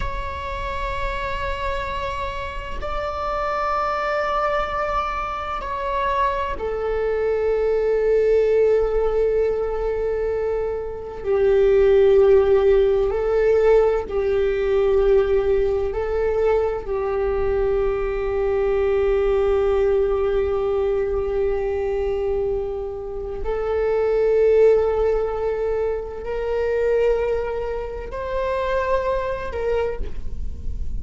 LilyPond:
\new Staff \with { instrumentName = "viola" } { \time 4/4 \tempo 4 = 64 cis''2. d''4~ | d''2 cis''4 a'4~ | a'1 | g'2 a'4 g'4~ |
g'4 a'4 g'2~ | g'1~ | g'4 a'2. | ais'2 c''4. ais'8 | }